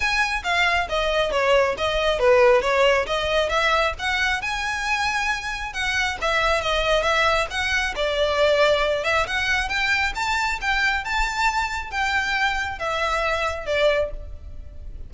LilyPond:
\new Staff \with { instrumentName = "violin" } { \time 4/4 \tempo 4 = 136 gis''4 f''4 dis''4 cis''4 | dis''4 b'4 cis''4 dis''4 | e''4 fis''4 gis''2~ | gis''4 fis''4 e''4 dis''4 |
e''4 fis''4 d''2~ | d''8 e''8 fis''4 g''4 a''4 | g''4 a''2 g''4~ | g''4 e''2 d''4 | }